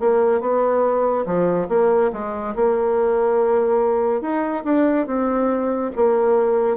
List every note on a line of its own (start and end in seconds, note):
0.00 0.41 A#3
0.41 1.26 B3
1.26 1.69 F3
1.69 2.11 A#3
2.13 2.55 G#3
2.56 4.22 A#3
4.22 4.64 D#4
4.65 5.07 D4
5.07 5.92 C4
5.96 6.77 A#3